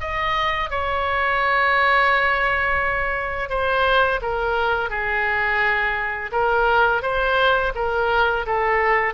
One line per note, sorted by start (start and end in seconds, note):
0.00 0.70 D#5
0.70 3.49 C#5
3.49 4.20 C5
4.22 4.90 A#4
4.90 6.31 G#4
6.31 7.02 A#4
7.02 7.73 C5
7.75 8.45 A#4
8.46 9.14 A4